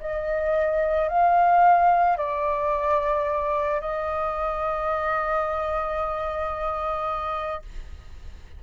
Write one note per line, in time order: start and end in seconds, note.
0.00 1.08 D#5
1.08 2.17 F5
2.17 3.80 D5
3.80 7.62 D#5